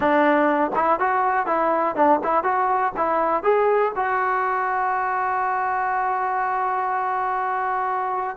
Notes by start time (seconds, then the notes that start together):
0.00 D4
0.75 E4
0.99 F#4
1.46 E4
1.95 D4
2.23 E4
2.43 F#4
2.96 E4
3.43 G#4
3.95 F#4